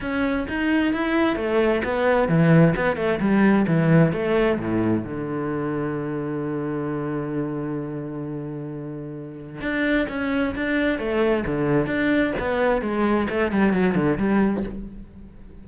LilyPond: \new Staff \with { instrumentName = "cello" } { \time 4/4 \tempo 4 = 131 cis'4 dis'4 e'4 a4 | b4 e4 b8 a8 g4 | e4 a4 a,4 d4~ | d1~ |
d1~ | d4 d'4 cis'4 d'4 | a4 d4 d'4 b4 | gis4 a8 g8 fis8 d8 g4 | }